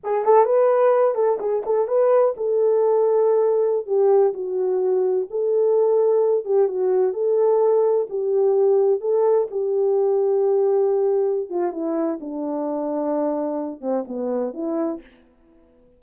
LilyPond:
\new Staff \with { instrumentName = "horn" } { \time 4/4 \tempo 4 = 128 gis'8 a'8 b'4. a'8 gis'8 a'8 | b'4 a'2.~ | a'16 g'4 fis'2 a'8.~ | a'4.~ a'16 g'8 fis'4 a'8.~ |
a'4~ a'16 g'2 a'8.~ | a'16 g'2.~ g'8.~ | g'8 f'8 e'4 d'2~ | d'4. c'8 b4 e'4 | }